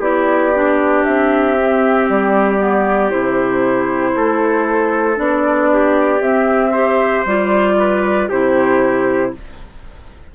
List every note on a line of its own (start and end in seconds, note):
0.00 1.03 B3
0.00 0.53 E4
0.00 4.14 G4
0.00 1.04 D5
0.55 1.58 D4
1.04 2.09 C4
1.04 2.08 E5
1.58 2.59 C4
2.09 3.13 G3
2.09 3.11 D5
2.59 3.10 B3
3.10 4.16 C3
3.10 5.16 E4
3.10 5.18 C5
4.16 5.18 A3
4.16 5.72 A4
5.16 6.21 B3
5.16 6.19 D4
5.16 6.22 D5
5.73 6.72 G4
6.21 7.24 C4
6.21 6.74 C4
6.21 7.25 E5
6.72 7.26 G4
6.72 7.76 C5
7.25 8.29 G3
7.25 8.31 F4
7.25 8.30 D5
7.79 8.29 B4
8.29 9.34 C3
8.29 9.35 E4
8.29 9.32 G4
8.29 9.34 C5